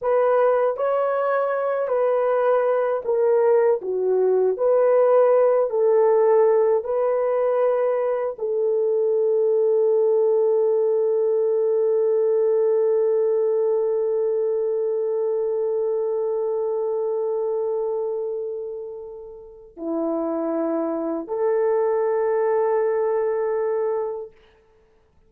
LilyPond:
\new Staff \with { instrumentName = "horn" } { \time 4/4 \tempo 4 = 79 b'4 cis''4. b'4. | ais'4 fis'4 b'4. a'8~ | a'4 b'2 a'4~ | a'1~ |
a'1~ | a'1~ | a'2 e'2 | a'1 | }